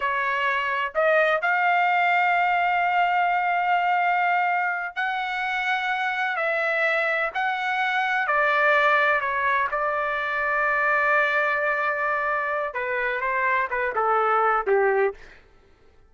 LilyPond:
\new Staff \with { instrumentName = "trumpet" } { \time 4/4 \tempo 4 = 127 cis''2 dis''4 f''4~ | f''1~ | f''2~ f''8 fis''4.~ | fis''4. e''2 fis''8~ |
fis''4. d''2 cis''8~ | cis''8 d''2.~ d''8~ | d''2. b'4 | c''4 b'8 a'4. g'4 | }